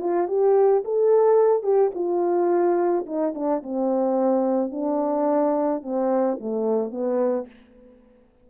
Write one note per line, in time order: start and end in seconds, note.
0.00 0.28 F4
0.28 0.83 G4
0.84 1.63 A4
1.63 1.91 G4
1.94 3.06 F4
3.06 3.34 D#4
3.34 3.62 D4
3.63 4.71 C4
4.71 5.82 D4
5.82 6.38 C4
6.40 6.91 A3
6.91 7.46 B3